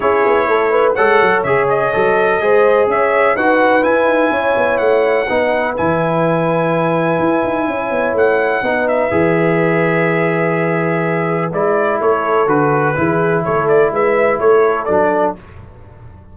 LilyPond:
<<
  \new Staff \with { instrumentName = "trumpet" } { \time 4/4 \tempo 4 = 125 cis''2 fis''4 e''8 dis''8~ | dis''2 e''4 fis''4 | gis''2 fis''2 | gis''1~ |
gis''4 fis''4. e''4.~ | e''1 | d''4 cis''4 b'2 | cis''8 d''8 e''4 cis''4 d''4 | }
  \new Staff \with { instrumentName = "horn" } { \time 4/4 gis'4 a'8 b'8 cis''2~ | cis''4 c''4 cis''4 b'4~ | b'4 cis''2 b'4~ | b'1 |
cis''2 b'2~ | b'1~ | b'4 a'2 gis'4 | a'4 b'4 a'2 | }
  \new Staff \with { instrumentName = "trombone" } { \time 4/4 e'2 a'4 gis'4 | a'4 gis'2 fis'4 | e'2. dis'4 | e'1~ |
e'2 dis'4 gis'4~ | gis'1 | e'2 fis'4 e'4~ | e'2. d'4 | }
  \new Staff \with { instrumentName = "tuba" } { \time 4/4 cis'8 b8 a4 gis8 fis8 cis4 | fis4 gis4 cis'4 dis'4 | e'8 dis'8 cis'8 b8 a4 b4 | e2. e'8 dis'8 |
cis'8 b8 a4 b4 e4~ | e1 | gis4 a4 d4 e4 | a4 gis4 a4 fis4 | }
>>